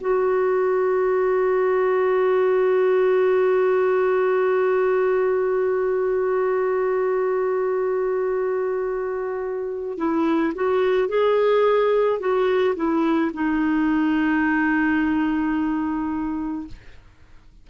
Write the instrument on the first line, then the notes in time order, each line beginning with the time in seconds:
clarinet
0.00 F#4
9.97 E4
10.55 F#4
11.08 G#4
12.19 F#4
12.75 E4
13.33 D#4